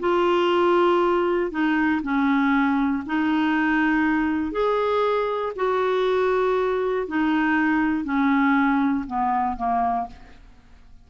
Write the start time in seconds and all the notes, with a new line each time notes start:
0.00 F4
1.51 D#4
2.02 C#4
3.06 D#4
4.52 G#4
5.56 F#4
7.08 D#4
8.04 C#4
9.06 B3
9.56 A#3